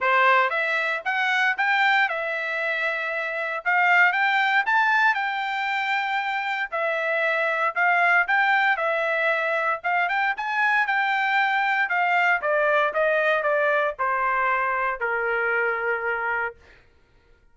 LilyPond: \new Staff \with { instrumentName = "trumpet" } { \time 4/4 \tempo 4 = 116 c''4 e''4 fis''4 g''4 | e''2. f''4 | g''4 a''4 g''2~ | g''4 e''2 f''4 |
g''4 e''2 f''8 g''8 | gis''4 g''2 f''4 | d''4 dis''4 d''4 c''4~ | c''4 ais'2. | }